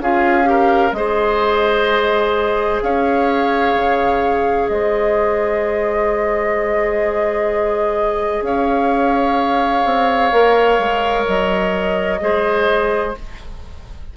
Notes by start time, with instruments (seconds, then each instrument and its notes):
0.00 bassoon C#4, clarinet F4, oboe G#4, flute F5
0.44 clarinet G4, oboe A#4
0.92 bassoon G#3, clarinet G#4, oboe C5, flute D#5
2.82 bassoon C#4, oboe C#5, flute F5
3.75 bassoon C#3
4.68 bassoon G#3, oboe C5, flute D#5
8.42 bassoon C#4, oboe C#5, flute F5
9.85 bassoon C4
10.32 bassoon A#3, clarinet A#4
10.79 bassoon G#3
11.27 bassoon F#3, flute D#5
12.21 bassoon G#3, clarinet G#4, oboe C5